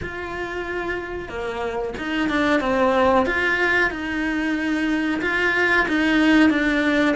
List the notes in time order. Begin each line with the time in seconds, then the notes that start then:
0.01 F4
1.29 A#3
1.97 D#4
2.29 D4
2.60 C4
3.26 F4
3.90 D#4
5.21 F4
5.88 D#4
6.50 D4